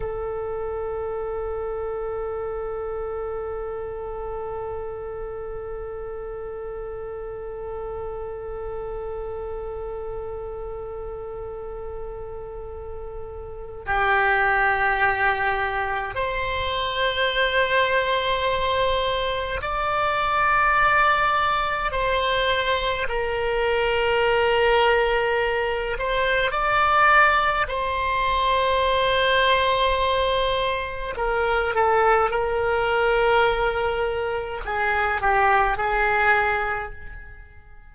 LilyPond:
\new Staff \with { instrumentName = "oboe" } { \time 4/4 \tempo 4 = 52 a'1~ | a'1~ | a'1 | g'2 c''2~ |
c''4 d''2 c''4 | ais'2~ ais'8 c''8 d''4 | c''2. ais'8 a'8 | ais'2 gis'8 g'8 gis'4 | }